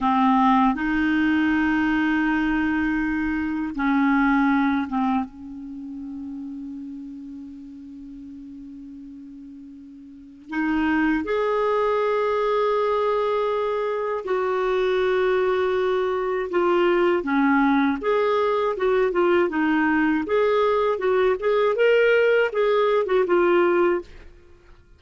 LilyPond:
\new Staff \with { instrumentName = "clarinet" } { \time 4/4 \tempo 4 = 80 c'4 dis'2.~ | dis'4 cis'4. c'8 cis'4~ | cis'1~ | cis'2 dis'4 gis'4~ |
gis'2. fis'4~ | fis'2 f'4 cis'4 | gis'4 fis'8 f'8 dis'4 gis'4 | fis'8 gis'8 ais'4 gis'8. fis'16 f'4 | }